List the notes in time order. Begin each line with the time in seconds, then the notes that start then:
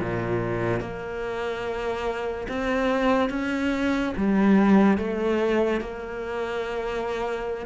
0.00 A#2
0.81 A#3
2.48 C4
3.30 C#4
4.17 G3
4.98 A3
5.81 A#3